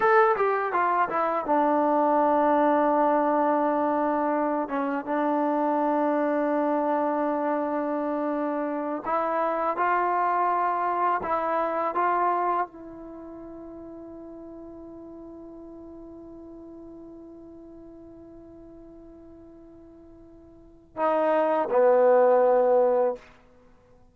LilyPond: \new Staff \with { instrumentName = "trombone" } { \time 4/4 \tempo 4 = 83 a'8 g'8 f'8 e'8 d'2~ | d'2~ d'8 cis'8 d'4~ | d'1~ | d'8 e'4 f'2 e'8~ |
e'8 f'4 e'2~ e'8~ | e'1~ | e'1~ | e'4 dis'4 b2 | }